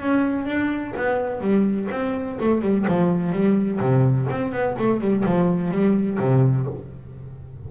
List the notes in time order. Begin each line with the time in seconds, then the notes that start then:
0.00 C#4
0.45 D4
0.96 B3
1.40 G3
1.90 C4
2.40 A3
2.61 G3
2.87 F3
3.32 G3
3.80 C3
4.30 C4
4.52 B3
4.78 A3
5.00 G3
5.25 F3
5.71 G3
6.19 C3